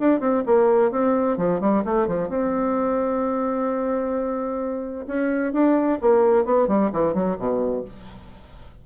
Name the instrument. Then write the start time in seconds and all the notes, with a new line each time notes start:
bassoon
0.00 D4
0.20 C4
0.46 A#3
0.91 C4
1.37 F3
1.61 G3
1.85 A3
2.07 F3
2.29 C4
5.07 C#4
5.53 D4
6.01 A#3
6.45 B3
6.68 G3
6.93 E3
7.14 F#3
7.39 B2